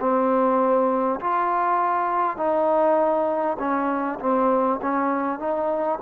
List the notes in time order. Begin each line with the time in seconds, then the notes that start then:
0.00 C4
1.20 F4
2.37 D#4
3.59 C#4
4.20 C4
4.82 C#4
5.39 D#4